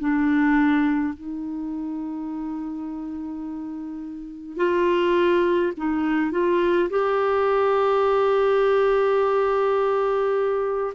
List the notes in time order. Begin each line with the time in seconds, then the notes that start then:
0.00 D4
1.14 D#4
4.57 F4
5.77 D#4
6.31 F4
6.90 G4